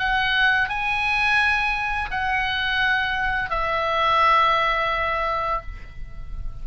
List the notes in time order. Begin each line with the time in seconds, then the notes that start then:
0.00 F#5
0.70 G#5
2.11 F#5
3.50 E5